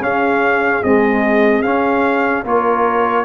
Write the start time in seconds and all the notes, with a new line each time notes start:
0.00 C#4 G#4 F5
0.83 G#3 C4 D#5
1.62 C#4 F5
2.44 A#3 F4 A#4 C#5